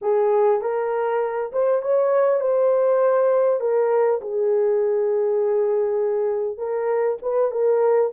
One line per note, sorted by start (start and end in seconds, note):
0.01 0.61 G#4
0.61 1.51 A#4
1.52 1.82 C5
1.82 2.40 C#5
2.40 3.60 C5
3.60 4.20 A#4
4.21 6.57 G#4
6.57 7.17 A#4
7.22 7.51 B4
7.51 8.11 A#4